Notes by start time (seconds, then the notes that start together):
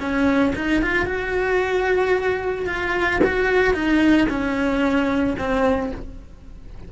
0.00 C#4
0.56 D#4
0.82 F4
1.06 F#4
2.67 F4
3.24 F#4
3.74 D#4
4.29 C#4
5.38 C4